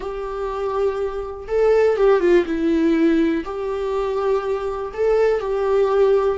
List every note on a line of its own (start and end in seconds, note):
0.00 1.47 G4
1.47 1.96 A4
1.96 2.20 G4
2.20 2.44 F4
2.45 3.44 E4
3.44 4.92 G4
4.93 5.40 A4
5.40 6.38 G4